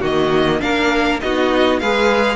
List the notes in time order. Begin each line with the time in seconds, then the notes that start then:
0.00 D#3 A#3 F#4 D#5
0.60 A#3 D4 A#4 F5
1.20 B3 D#4 F#4 D#5
1.79 G#3 G#4 B4 F5